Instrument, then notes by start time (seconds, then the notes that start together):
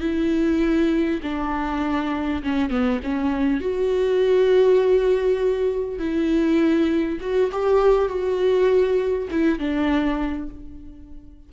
viola
0.00 E4
1.22 D4
2.43 C#4
2.70 B3
3.03 C#4
3.60 F#4
5.98 E4
7.20 F#4
7.52 G4
8.08 F#4
9.30 E4
9.58 D4